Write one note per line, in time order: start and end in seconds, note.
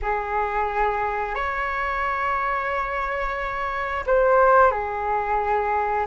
0.02 1.34 G#4
1.34 4.04 C#5
4.06 4.71 C5
4.71 6.06 G#4